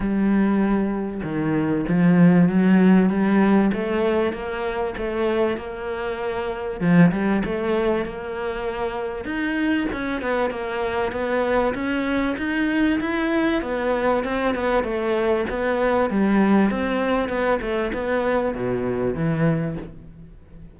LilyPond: \new Staff \with { instrumentName = "cello" } { \time 4/4 \tempo 4 = 97 g2 dis4 f4 | fis4 g4 a4 ais4 | a4 ais2 f8 g8 | a4 ais2 dis'4 |
cis'8 b8 ais4 b4 cis'4 | dis'4 e'4 b4 c'8 b8 | a4 b4 g4 c'4 | b8 a8 b4 b,4 e4 | }